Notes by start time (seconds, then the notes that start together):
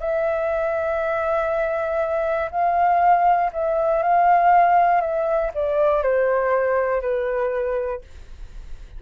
0.00 E5
2.51 F5
3.53 E5
4.02 F5
5.01 E5
5.54 D5
6.03 C5
7.01 B4